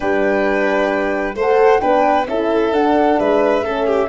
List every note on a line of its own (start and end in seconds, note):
0.00 1.34 G3
0.00 1.35 D4
0.00 1.35 B4
0.00 1.36 G5
1.34 1.80 A3
1.34 1.80 A4
1.34 1.81 C5
1.34 1.80 F#5
1.80 2.27 B3
1.80 2.26 D4
1.80 2.27 B4
1.80 2.25 G5
2.27 2.72 C#4
2.27 2.73 E4
2.27 3.19 A4
2.27 2.73 E5
2.72 3.18 D4
2.72 3.63 D4
2.72 3.19 F#5
3.19 3.62 G#3
3.19 3.64 B4
3.19 4.08 E5
3.62 4.07 A3
3.62 4.08 C#4
3.62 3.86 A4
3.86 4.08 G4